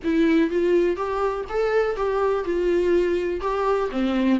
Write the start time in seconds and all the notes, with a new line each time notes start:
0.04 E4
0.50 F4
0.96 G4
1.49 A4
1.95 G4
2.44 F4
3.40 G4
3.91 C4